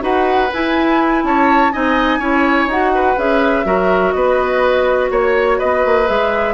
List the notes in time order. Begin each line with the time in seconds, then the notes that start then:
0.00 D#4 F#4 B4 F#5
0.53 E4 G#5
1.24 C#4 C#5 A5
1.72 C4 D#4 D#5 G#5
2.18 C#4 E4 C#5
2.66 D#4 F#4 F#5
2.94 B4
3.16 C#4 G#4 E5
3.64 F#3 F#4 A#4
4.11 B3 B4 D#5
5.11 A#3 C#5
5.58 B3 B4 D#5
5.85 A#3
6.06 G#3 G#4 E5